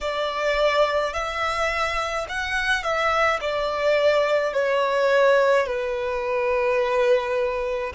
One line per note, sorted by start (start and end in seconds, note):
0.01 1.13 D5
1.13 2.26 E5
2.28 2.83 F#5
2.83 3.40 E5
3.40 4.53 D5
4.53 5.66 C#5
5.66 7.92 B4